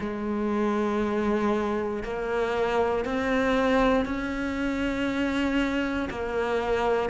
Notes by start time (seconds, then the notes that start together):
0.00 G#3
2.03 A#3
3.05 C4
4.05 C#4
6.10 A#3